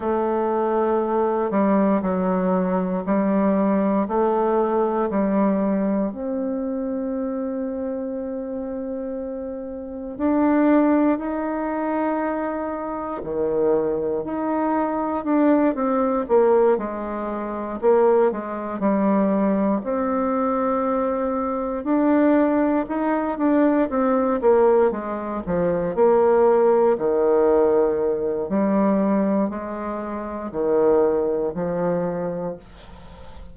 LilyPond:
\new Staff \with { instrumentName = "bassoon" } { \time 4/4 \tempo 4 = 59 a4. g8 fis4 g4 | a4 g4 c'2~ | c'2 d'4 dis'4~ | dis'4 dis4 dis'4 d'8 c'8 |
ais8 gis4 ais8 gis8 g4 c'8~ | c'4. d'4 dis'8 d'8 c'8 | ais8 gis8 f8 ais4 dis4. | g4 gis4 dis4 f4 | }